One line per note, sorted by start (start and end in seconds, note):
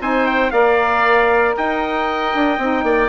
0.00 0.52 C4
0.00 0.52 D#4
0.00 0.52 C5
0.00 0.26 G#5
0.26 0.50 G5
0.50 1.55 A#3
0.50 2.59 A#4
0.50 1.55 D5
0.50 1.54 F5
1.56 2.34 D#4
1.56 2.85 D#5
1.56 3.09 G5
2.34 2.58 D4
2.58 2.83 C4
2.58 3.09 D#4
2.83 3.09 A#3
2.83 3.09 D5